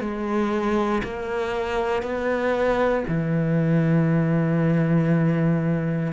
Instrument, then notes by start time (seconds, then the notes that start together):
cello
0.00 G#3
1.04 A#3
2.02 B3
3.07 E3